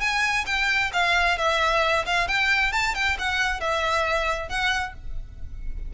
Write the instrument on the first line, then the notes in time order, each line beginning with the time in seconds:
violin
0.00 G#5
0.46 G5
0.93 F5
1.38 E5
2.06 F5
2.28 G5
2.72 A5
2.95 G5
3.19 F#5
3.60 E5
4.49 F#5